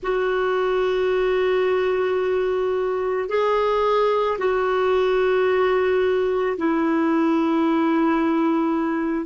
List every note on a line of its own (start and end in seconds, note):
0.02 3.28 F#4
3.28 4.37 G#4
4.38 6.57 F#4
6.57 9.25 E4